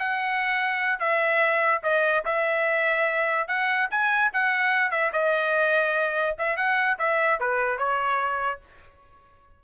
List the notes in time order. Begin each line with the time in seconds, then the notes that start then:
0.00 F#5
1.00 E5
1.83 D#5
2.25 E5
3.48 F#5
3.91 G#5
4.34 F#5
4.91 E5
5.13 D#5
6.39 E5
6.57 F#5
6.99 E5
7.40 B4
7.79 C#5